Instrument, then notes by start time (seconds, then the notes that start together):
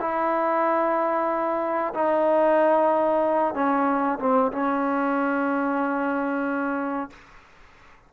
trombone
0.00 E4
1.94 D#4
3.54 C#4
4.19 C4
4.52 C#4